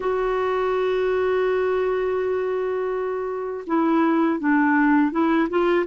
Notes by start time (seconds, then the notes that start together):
0.00 F#4
3.67 E4
4.39 D4
5.11 E4
5.49 F4